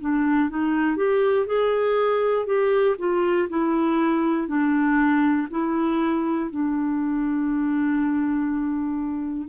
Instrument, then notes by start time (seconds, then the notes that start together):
clarinet
0.00 D4
0.50 D#4
0.96 G4
1.46 G#4
2.45 G4
2.98 F4
3.49 E4
4.47 D4
5.50 E4
6.50 D4